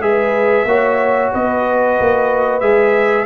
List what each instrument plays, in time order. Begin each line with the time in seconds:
0.00 tuba G#3, trombone G#4, horn B4, trumpet E5
0.65 tuba A#3, trombone F#4, horn C#5
1.32 tuba B3, horn B4, trumpet D#5
2.00 tuba A#3
2.60 tuba G#3, trombone G#4, trumpet E5